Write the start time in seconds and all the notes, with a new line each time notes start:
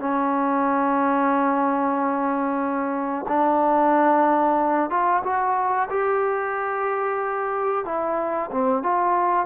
0.00 C#4
3.28 D4
4.90 F4
5.24 F#4
5.90 G4
7.86 E4
8.52 C4
8.83 F4